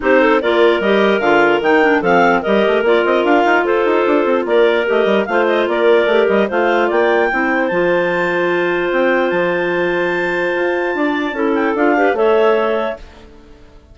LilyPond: <<
  \new Staff \with { instrumentName = "clarinet" } { \time 4/4 \tempo 4 = 148 c''4 d''4 dis''4 f''4 | g''4 f''4 dis''4 d''8 dis''8 | f''4 c''2 d''4 | dis''4 f''8 dis''8 d''4. dis''8 |
f''4 g''2 a''4~ | a''2 g''4 a''4~ | a''1~ | a''8 g''8 f''4 e''2 | }
  \new Staff \with { instrumentName = "clarinet" } { \time 4/4 g'8 a'8 ais'2.~ | ais'4 a'4 ais'2~ | ais'4 a'2 ais'4~ | ais'4 c''4 ais'2 |
c''4 d''4 c''2~ | c''1~ | c''2. d''4 | a'4. b'8 cis''2 | }
  \new Staff \with { instrumentName = "clarinet" } { \time 4/4 dis'4 f'4 g'4 f'4 | dis'8 d'8 c'4 g'4 f'4~ | f'1 | g'4 f'2 g'4 |
f'2 e'4 f'4~ | f'1~ | f'1 | e'4 f'8 g'8 a'2 | }
  \new Staff \with { instrumentName = "bassoon" } { \time 4/4 c'4 ais4 g4 d4 | dis4 f4 g8 a8 ais8 c'8 | d'8 dis'8 f'8 dis'8 d'8 c'8 ais4 | a8 g8 a4 ais4 a8 g8 |
a4 ais4 c'4 f4~ | f2 c'4 f4~ | f2 f'4 d'4 | cis'4 d'4 a2 | }
>>